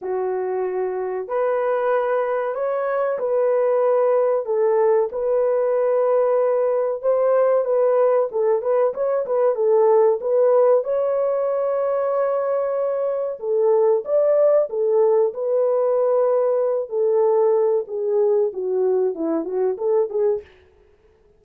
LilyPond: \new Staff \with { instrumentName = "horn" } { \time 4/4 \tempo 4 = 94 fis'2 b'2 | cis''4 b'2 a'4 | b'2. c''4 | b'4 a'8 b'8 cis''8 b'8 a'4 |
b'4 cis''2.~ | cis''4 a'4 d''4 a'4 | b'2~ b'8 a'4. | gis'4 fis'4 e'8 fis'8 a'8 gis'8 | }